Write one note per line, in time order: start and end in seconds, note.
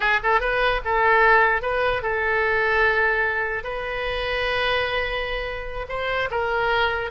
0.00 0.20 G#4
0.23 0.40 A4
0.40 0.81 B4
0.84 1.61 A4
1.61 2.02 B4
2.02 3.63 A4
3.63 5.86 B4
5.88 6.29 C5
6.30 7.10 A#4